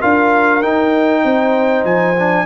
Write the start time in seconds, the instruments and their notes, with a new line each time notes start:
0.00 tuba D4, trombone F4, horn A#4, trumpet F5
0.62 trombone D#4, tuba D#4, trumpet G5
1.25 tuba C4, horn C5
1.84 tuba F3, trumpet G#5
2.19 trombone D4